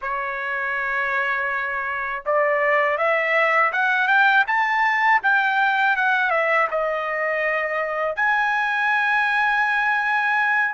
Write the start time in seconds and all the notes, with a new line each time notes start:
0.01 C#5
2.25 D5
2.97 E5
3.72 F#5
4.07 G5
4.47 A5
5.23 G5
5.96 F#5
6.30 E5
6.70 D#5
8.16 G#5